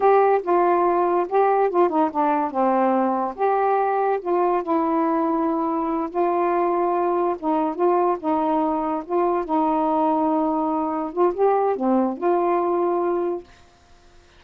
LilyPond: \new Staff \with { instrumentName = "saxophone" } { \time 4/4 \tempo 4 = 143 g'4 f'2 g'4 | f'8 dis'8 d'4 c'2 | g'2 f'4 e'4~ | e'2~ e'8 f'4.~ |
f'4. dis'4 f'4 dis'8~ | dis'4. f'4 dis'4.~ | dis'2~ dis'8 f'8 g'4 | c'4 f'2. | }